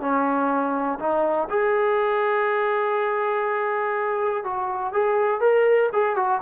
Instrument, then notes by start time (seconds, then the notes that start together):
trombone
0.00 C#4
0.99 D#4
1.49 G#4
4.44 F#4
4.92 G#4
5.40 A#4
5.92 G#4
6.16 F#4